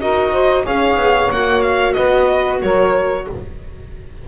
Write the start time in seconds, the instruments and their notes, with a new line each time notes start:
0.00 double bass D#4, viola F#4, saxophone A#4, violin D#5
0.32 saxophone C5
0.63 double bass C#4, viola G#4, saxophone C#5, violin F5
0.96 double bass B3
1.30 double bass A#3, viola F#4, violin F#5
1.61 violin F5
1.93 double bass B3, saxophone B4, violin D#5
2.59 double bass F#3, saxophone A#4, violin C#5